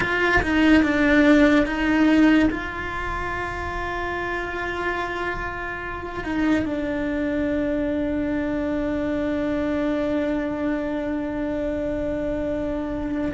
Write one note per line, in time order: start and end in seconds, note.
0.00 0.41 F4
0.42 0.83 D#4
0.83 1.66 D4
1.66 2.49 D#4
2.50 6.23 F4
6.23 6.65 D#4
6.65 13.32 D4